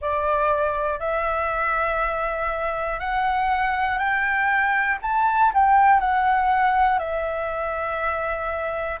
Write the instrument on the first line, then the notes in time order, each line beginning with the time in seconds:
flute
0.01 D5
0.99 E5
3.00 F#5
3.98 G5
5.02 A5
5.54 G5
6.00 F#5
6.99 E5